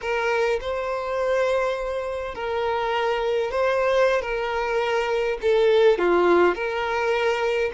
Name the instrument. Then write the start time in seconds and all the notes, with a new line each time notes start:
violin
0.01 A#4
0.60 C5
2.35 A#4
3.51 C5
4.21 A#4
5.41 A4
5.98 F4
6.55 A#4